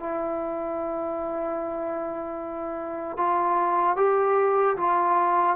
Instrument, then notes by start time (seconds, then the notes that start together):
trombone
0.00 E4
3.18 F4
3.97 G4
4.77 F4